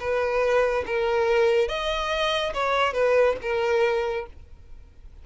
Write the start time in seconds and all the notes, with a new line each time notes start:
0.00 B4
0.87 A#4
1.69 D#5
2.54 C#5
2.94 B4
3.42 A#4